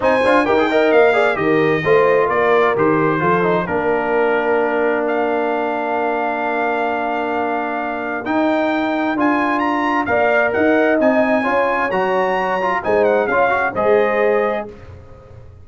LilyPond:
<<
  \new Staff \with { instrumentName = "trumpet" } { \time 4/4 \tempo 4 = 131 gis''4 g''4 f''4 dis''4~ | dis''4 d''4 c''2 | ais'2. f''4~ | f''1~ |
f''2 g''2 | gis''4 ais''4 f''4 fis''4 | gis''2 ais''2 | gis''8 fis''8 f''4 dis''2 | }
  \new Staff \with { instrumentName = "horn" } { \time 4/4 c''4 ais'8 dis''4 d''8 ais'4 | c''4 ais'2 a'4 | ais'1~ | ais'1~ |
ais'1~ | ais'2 d''4 dis''4~ | dis''4 cis''2. | c''4 cis''4 c''2 | }
  \new Staff \with { instrumentName = "trombone" } { \time 4/4 dis'8 f'8 g'16 gis'16 ais'4 gis'8 g'4 | f'2 g'4 f'8 dis'8 | d'1~ | d'1~ |
d'2 dis'2 | f'2 ais'2 | dis'4 f'4 fis'4. f'8 | dis'4 f'8 fis'8 gis'2 | }
  \new Staff \with { instrumentName = "tuba" } { \time 4/4 c'8 d'8 dis'4 ais4 dis4 | a4 ais4 dis4 f4 | ais1~ | ais1~ |
ais2 dis'2 | d'2 ais4 dis'4 | c'4 cis'4 fis2 | gis4 cis'4 gis2 | }
>>